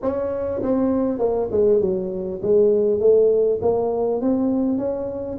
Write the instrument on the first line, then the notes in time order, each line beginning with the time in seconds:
tuba
0.02 C#4
0.62 C4
1.18 A#3
1.51 G#3
1.81 F#3
2.42 G#3
2.99 A3
3.61 A#3
4.21 C4
4.78 C#4